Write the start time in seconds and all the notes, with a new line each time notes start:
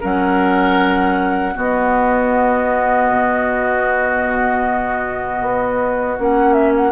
0.00 F#3 C#4 A#4 F#5
1.53 B3 F#4 D#5
3.10 B2
5.41 B3
6.18 A#3 C#4 F#5
6.53 E5
6.76 F#5